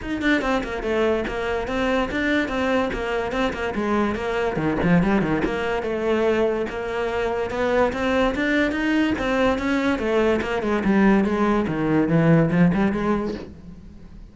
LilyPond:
\new Staff \with { instrumentName = "cello" } { \time 4/4 \tempo 4 = 144 dis'8 d'8 c'8 ais8 a4 ais4 | c'4 d'4 c'4 ais4 | c'8 ais8 gis4 ais4 dis8 f8 | g8 dis8 ais4 a2 |
ais2 b4 c'4 | d'4 dis'4 c'4 cis'4 | a4 ais8 gis8 g4 gis4 | dis4 e4 f8 g8 gis4 | }